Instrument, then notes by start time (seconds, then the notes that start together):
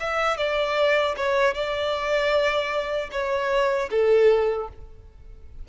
violin
0.00 E5
0.37 D5
1.17 C#5
1.54 D5
3.12 C#5
3.90 A4